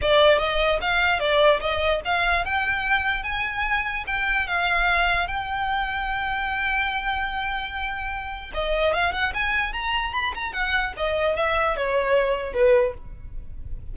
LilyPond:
\new Staff \with { instrumentName = "violin" } { \time 4/4 \tempo 4 = 148 d''4 dis''4 f''4 d''4 | dis''4 f''4 g''2 | gis''2 g''4 f''4~ | f''4 g''2.~ |
g''1~ | g''4 dis''4 f''8 fis''8 gis''4 | ais''4 b''8 ais''8 fis''4 dis''4 | e''4 cis''2 b'4 | }